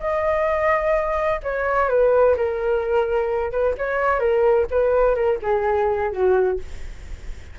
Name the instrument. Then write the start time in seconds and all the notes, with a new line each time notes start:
flute
0.00 D#5
1.43 C#5
1.89 B4
2.37 A#4
3.52 B4
3.78 C#5
4.20 A#4
4.71 B4
5.15 A#4
5.43 G#4
6.12 F#4